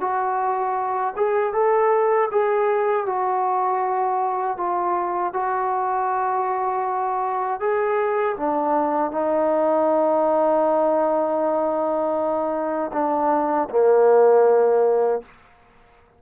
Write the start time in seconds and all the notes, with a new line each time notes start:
0.00 F#4
1.16 G#4
1.53 A4
2.31 G#4
3.06 F#4
4.57 F4
5.33 F#4
7.60 G#4
8.37 D4
9.11 D#4
12.93 D4
13.70 A#3